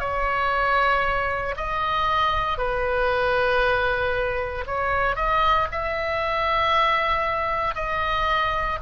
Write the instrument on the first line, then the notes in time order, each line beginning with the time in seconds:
oboe
0.00 C#5
1.57 D#5
2.58 B4
4.67 C#5
5.16 D#5
5.72 E5
7.75 D#5